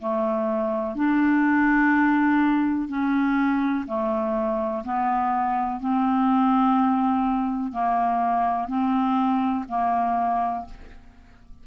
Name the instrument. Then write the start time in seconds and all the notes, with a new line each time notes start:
clarinet
0.00 A3
0.95 D4
2.89 C#4
3.87 A3
4.85 B3
5.80 C4
7.72 A#3
8.68 C4
9.69 A#3